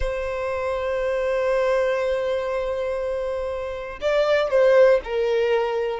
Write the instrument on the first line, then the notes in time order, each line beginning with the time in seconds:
violin
0.00 C5
4.01 D5
4.50 C5
5.03 A#4